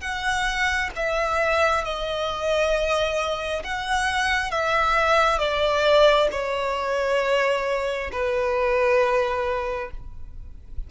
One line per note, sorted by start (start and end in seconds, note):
0.00 0.90 F#5
0.96 1.84 E5
1.84 3.63 D#5
3.64 4.51 F#5
4.51 5.39 E5
5.39 6.28 D5
6.31 8.10 C#5
8.11 9.90 B4